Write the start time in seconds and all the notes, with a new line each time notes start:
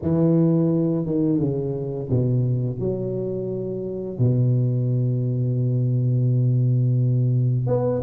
0.02 E3
1.05 D#3
1.39 C#3
2.10 B2
2.79 F#3
4.18 B2
7.66 B3